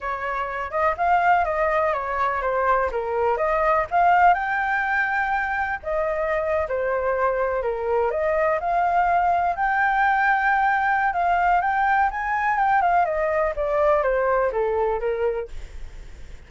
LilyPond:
\new Staff \with { instrumentName = "flute" } { \time 4/4 \tempo 4 = 124 cis''4. dis''8 f''4 dis''4 | cis''4 c''4 ais'4 dis''4 | f''4 g''2. | dis''4.~ dis''16 c''2 ais'16~ |
ais'8. dis''4 f''2 g''16~ | g''2. f''4 | g''4 gis''4 g''8 f''8 dis''4 | d''4 c''4 a'4 ais'4 | }